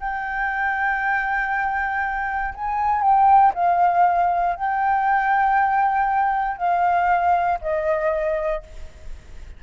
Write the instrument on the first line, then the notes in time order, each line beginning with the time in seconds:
flute
0.00 G5
2.55 G#5
3.02 G5
3.54 F5
4.56 G5
6.57 F5
7.61 D#5